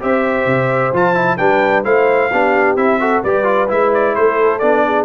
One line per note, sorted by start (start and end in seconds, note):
0.00 0.46 C4
0.00 0.92 G4
0.00 1.39 C5
0.00 0.95 E5
0.46 0.92 C3
0.93 1.39 F3
0.93 1.14 F4
0.93 1.37 A5
1.14 1.37 E4
1.37 1.84 G3
1.37 1.84 D4
1.37 1.84 B4
1.37 1.83 G5
1.84 2.30 A3
1.84 2.30 E4
1.84 2.30 C5
1.84 2.77 F5
2.32 2.76 B3
2.32 2.77 D4
2.32 3.01 G4
2.76 3.22 C4
2.76 3.00 E4
2.76 3.23 E5
3.00 3.23 F#4
3.00 3.24 A4
3.24 3.70 G3
3.24 3.44 G4
3.24 4.16 B4
3.24 3.70 D5
3.44 3.67 F4
3.68 4.17 G#3
3.68 4.60 E4
3.68 3.93 E5
3.94 4.15 D5
4.15 4.62 A3
4.15 4.86 A4
4.15 4.59 C5
4.59 5.05 B3
4.59 5.05 D4
4.59 5.05 D5
4.86 5.05 G#4